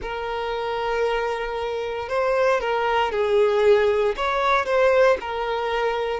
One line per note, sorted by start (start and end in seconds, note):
0.02 2.08 A#4
2.08 2.60 C5
2.60 3.11 A#4
3.11 4.15 G#4
4.16 4.65 C#5
4.65 5.17 C5
5.20 6.20 A#4